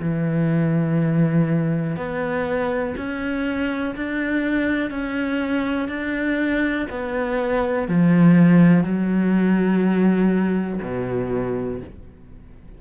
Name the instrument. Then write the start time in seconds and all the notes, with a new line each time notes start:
cello
0.00 E3
1.97 B3
2.97 C#4
3.96 D4
4.91 C#4
5.89 D4
6.90 B3
7.89 F3
8.84 F#3
10.82 B2